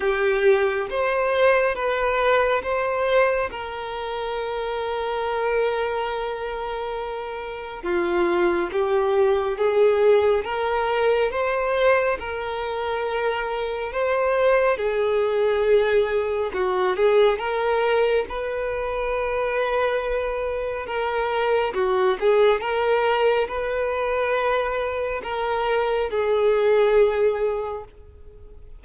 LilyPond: \new Staff \with { instrumentName = "violin" } { \time 4/4 \tempo 4 = 69 g'4 c''4 b'4 c''4 | ais'1~ | ais'4 f'4 g'4 gis'4 | ais'4 c''4 ais'2 |
c''4 gis'2 fis'8 gis'8 | ais'4 b'2. | ais'4 fis'8 gis'8 ais'4 b'4~ | b'4 ais'4 gis'2 | }